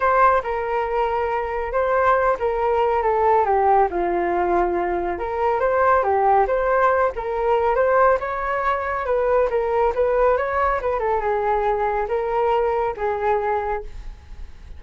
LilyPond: \new Staff \with { instrumentName = "flute" } { \time 4/4 \tempo 4 = 139 c''4 ais'2. | c''4. ais'4. a'4 | g'4 f'2. | ais'4 c''4 g'4 c''4~ |
c''8 ais'4. c''4 cis''4~ | cis''4 b'4 ais'4 b'4 | cis''4 b'8 a'8 gis'2 | ais'2 gis'2 | }